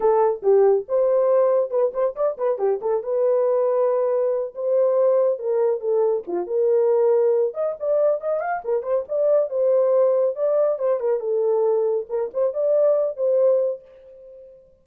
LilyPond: \new Staff \with { instrumentName = "horn" } { \time 4/4 \tempo 4 = 139 a'4 g'4 c''2 | b'8 c''8 d''8 b'8 g'8 a'8 b'4~ | b'2~ b'8 c''4.~ | c''8 ais'4 a'4 f'8 ais'4~ |
ais'4. dis''8 d''4 dis''8 f''8 | ais'8 c''8 d''4 c''2 | d''4 c''8 ais'8 a'2 | ais'8 c''8 d''4. c''4. | }